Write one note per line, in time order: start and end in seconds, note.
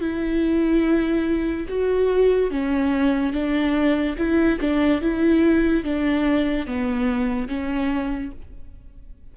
0.00 1.67 E4
1.69 2.51 F#4
2.51 3.33 C#4
3.33 4.16 D4
4.18 4.59 E4
4.60 5.01 D4
5.01 5.84 E4
5.84 6.67 D4
6.67 7.48 B3
7.48 8.31 C#4